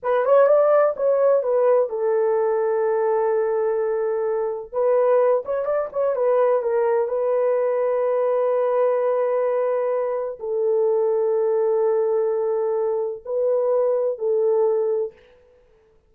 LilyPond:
\new Staff \with { instrumentName = "horn" } { \time 4/4 \tempo 4 = 127 b'8 cis''8 d''4 cis''4 b'4 | a'1~ | a'2 b'4. cis''8 | d''8 cis''8 b'4 ais'4 b'4~ |
b'1~ | b'2 a'2~ | a'1 | b'2 a'2 | }